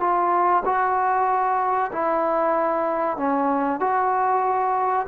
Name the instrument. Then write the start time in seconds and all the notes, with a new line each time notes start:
trombone
0.00 F4
0.65 F#4
1.92 E4
3.17 C#4
3.80 F#4